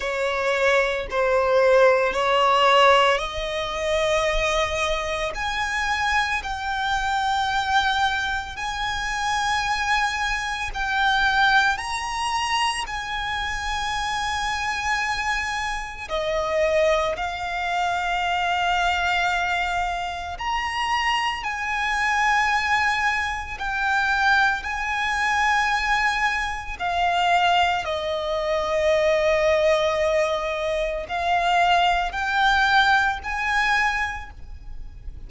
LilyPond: \new Staff \with { instrumentName = "violin" } { \time 4/4 \tempo 4 = 56 cis''4 c''4 cis''4 dis''4~ | dis''4 gis''4 g''2 | gis''2 g''4 ais''4 | gis''2. dis''4 |
f''2. ais''4 | gis''2 g''4 gis''4~ | gis''4 f''4 dis''2~ | dis''4 f''4 g''4 gis''4 | }